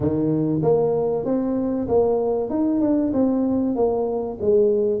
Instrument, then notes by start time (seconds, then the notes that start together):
tuba
0.00 D#3
0.62 A#3
1.25 C4
1.88 A#3
2.50 D#4
2.81 D4
3.13 C4
3.75 A#3
4.40 G#3